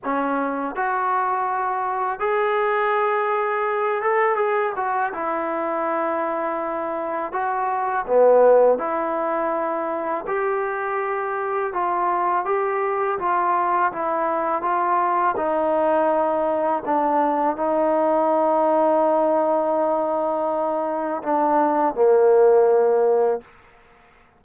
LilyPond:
\new Staff \with { instrumentName = "trombone" } { \time 4/4 \tempo 4 = 82 cis'4 fis'2 gis'4~ | gis'4. a'8 gis'8 fis'8 e'4~ | e'2 fis'4 b4 | e'2 g'2 |
f'4 g'4 f'4 e'4 | f'4 dis'2 d'4 | dis'1~ | dis'4 d'4 ais2 | }